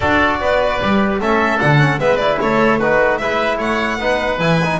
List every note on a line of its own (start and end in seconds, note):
0.00 0.40 D4
0.00 0.81 F#4
0.00 0.37 A4
0.00 1.20 D5
0.40 0.80 B3
0.40 1.21 B4
0.82 1.19 G3
0.82 1.21 G4
1.19 1.59 A3
1.19 1.60 C#4
1.19 2.00 A4
1.19 1.59 E5
1.59 1.98 D3
1.59 1.78 D4
1.59 1.99 F#5
1.78 1.98 C#4
1.98 2.38 G#3
1.98 2.19 B3
1.98 2.40 B4
1.98 2.17 E5
2.17 2.79 E4
2.17 2.37 D5
2.41 3.20 A3
2.41 2.79 A4
2.41 2.79 C#5
2.79 3.21 D#4
2.79 3.19 F#4
2.79 3.18 B4
3.18 3.58 G#3
3.18 4.00 E4
3.18 3.57 B4
3.18 3.58 E5
3.57 3.98 A3
3.57 3.97 C#5
3.57 4.39 F#5
3.98 4.38 B3
3.98 4.39 D#4
3.98 4.79 B4
4.38 4.78 E3
4.38 4.59 E4
4.38 4.79 G#5
4.64 4.79 D#4